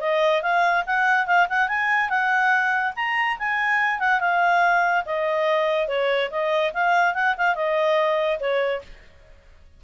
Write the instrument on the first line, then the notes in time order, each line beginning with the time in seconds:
clarinet
0.00 D#5
0.42 F5
0.86 F#5
1.26 F5
1.49 F#5
1.68 G#5
2.09 F#5
2.96 A#5
3.39 G#5
3.99 F#5
4.20 F5
5.05 D#5
5.87 C#5
6.30 D#5
6.73 F5
7.14 F#5
7.37 F5
7.55 D#5
8.40 C#5